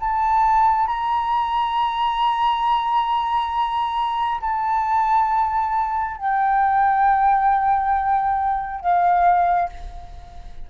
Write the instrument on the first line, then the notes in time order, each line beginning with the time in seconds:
flute
0.00 A5
0.88 A#5
4.41 A5
6.17 G5
8.81 F5